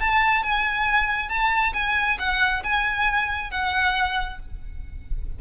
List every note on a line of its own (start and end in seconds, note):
0.00 0.43 A5
0.43 1.29 G#5
1.29 1.73 A5
1.73 2.17 G#5
2.19 2.63 F#5
2.63 3.51 G#5
3.51 4.39 F#5